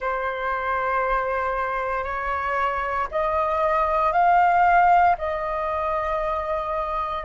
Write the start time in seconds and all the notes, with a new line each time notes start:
0.00 C5
2.04 C#5
3.11 D#5
4.12 F5
5.18 D#5